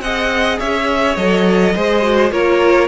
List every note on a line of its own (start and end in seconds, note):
0.00 0.58 C4
0.00 1.18 G#4
0.00 0.59 D#5
0.00 0.58 F#5
0.59 1.16 C#4
0.59 1.74 C#5
0.59 1.16 E5
1.16 1.74 F#3
1.16 1.75 A4
1.16 2.31 D#5
1.75 2.31 G#3
1.75 2.02 G#4
1.75 2.32 C5
2.02 2.30 F#4
2.31 2.88 A#3
2.31 2.88 F4
2.31 2.88 A#4
2.31 2.88 C#5